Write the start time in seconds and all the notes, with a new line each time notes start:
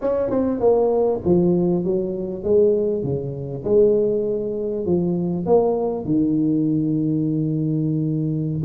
0.01 C#4
0.29 C4
0.60 A#3
1.25 F3
1.84 F#3
2.43 G#3
3.03 C#3
3.64 G#3
4.85 F3
5.45 A#3
6.05 D#3